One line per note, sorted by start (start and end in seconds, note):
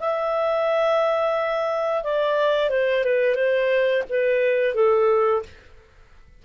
0.00 2.04 E5
2.04 2.70 D5
2.70 3.04 C5
3.04 3.35 B4
3.35 4.03 C5
4.09 4.75 B4
4.75 5.43 A4